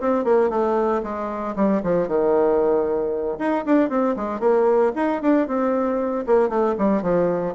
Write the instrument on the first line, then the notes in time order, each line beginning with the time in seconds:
bassoon
0.00 C4
0.24 A#3
0.50 A3
1.03 G#3
1.56 G3
1.83 F3
2.08 D#3
3.38 D#4
3.65 D4
3.89 C4
4.16 G#3
4.40 A#3
4.95 D#4
5.22 D4
5.47 C4
6.27 A#3
6.49 A3
6.78 G3
7.02 F3